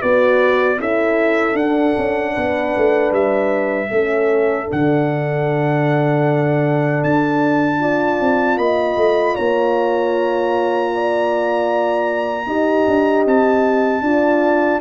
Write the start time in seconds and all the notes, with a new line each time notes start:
0.00 B3 F#4 B4 D5
0.78 C#4 E4 A4 E5
1.55 D4 F#5
1.98 C#4
2.33 B3 B4
2.77 A3
3.12 G3 E5
3.91 A3 C#4 A4
4.66 D4
4.72 D3 F#5
7.04 D4 A5
7.80 F4 D5
8.21 C4
8.58 A#3 D#5 B5
8.97 A3
9.35 A#3 C#5 A#5
10.94 D5
12.47 D#4 G4 D#5
12.87 D4
13.26 C4 A5
14.01 D4 F4 D5